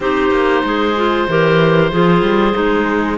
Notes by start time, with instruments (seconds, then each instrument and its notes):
0.00 cello C4, clarinet D#4 G4, oboe C5
0.30 cello A#3
0.63 cello G#3, clarinet G#4
0.96 clarinet F4
1.28 cello E3, clarinet G4 A#4
1.91 cello F3, clarinet F4 G#4
2.21 cello G3
2.52 cello G#3, clarinet D#4